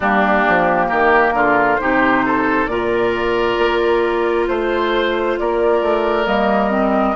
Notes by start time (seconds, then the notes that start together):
0.00 G3 A#3 D4 G4
0.48 F3
0.88 D#3 G4 A#4
1.33 D3 F4
1.76 C3 D#4 G4 C5
2.25 A4
2.65 A#2 F4 A#4 D5
3.58 A#3
4.47 A3 C5
5.38 A#3 A#4 D5
5.82 A3
6.26 G3 A#3 D#5
6.70 C4